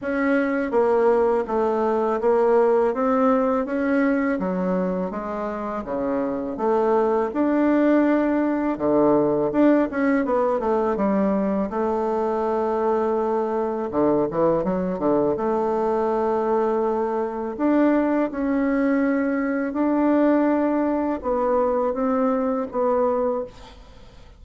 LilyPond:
\new Staff \with { instrumentName = "bassoon" } { \time 4/4 \tempo 4 = 82 cis'4 ais4 a4 ais4 | c'4 cis'4 fis4 gis4 | cis4 a4 d'2 | d4 d'8 cis'8 b8 a8 g4 |
a2. d8 e8 | fis8 d8 a2. | d'4 cis'2 d'4~ | d'4 b4 c'4 b4 | }